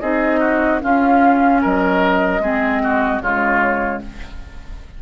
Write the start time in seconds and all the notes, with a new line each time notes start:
0.00 C4 D#4 G#4 D#5
0.40 F#4
0.81 C#4 F4 F5
1.62 F#3 A#4 D#5
2.40 G#3 C4 G#4
2.83 F#4
3.21 C#3 G#3 F4 C#5